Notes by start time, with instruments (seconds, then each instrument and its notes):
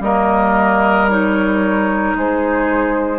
0.00 bassoon G3, clarinet A#3, oboe A#4, flute D#5
1.09 clarinet D#4, flute C#5
2.15 bassoon G#3, oboe G#4, flute C5